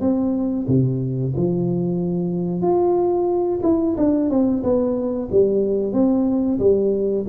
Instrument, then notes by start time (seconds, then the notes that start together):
tuba
0.00 C4
0.67 C3
1.36 F3
2.61 F4
3.62 E4
3.97 D4
4.29 C4
4.63 B3
5.31 G3
5.93 C4
6.59 G3